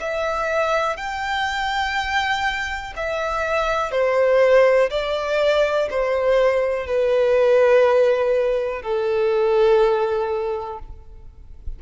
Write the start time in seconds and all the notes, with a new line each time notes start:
0.00 E5
0.96 G5
2.96 E5
3.91 C5
4.90 D5
5.90 C5
6.86 B4
8.82 A4